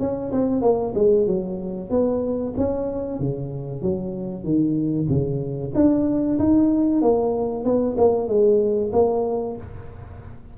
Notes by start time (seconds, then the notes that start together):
0.00 C#4
0.32 C4
0.62 A#3
0.95 G#3
1.27 F#3
1.91 B3
2.58 C#4
3.20 C#3
3.82 F#3
4.44 D#3
5.09 C#3
5.75 D4
6.39 D#4
7.02 A#3
7.65 B3
7.98 A#3
8.28 G#3
8.93 A#3